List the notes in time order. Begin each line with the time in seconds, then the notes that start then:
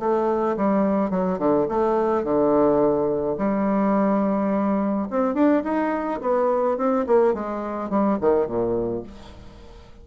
0.00 A3
0.57 G3
1.11 F#3
1.39 D3
1.69 A3
2.24 D3
3.38 G3
5.10 C4
5.35 D4
5.64 D#4
6.21 B3
6.78 C4
7.07 A#3
7.34 G#3
7.90 G3
8.21 D#3
8.47 A#2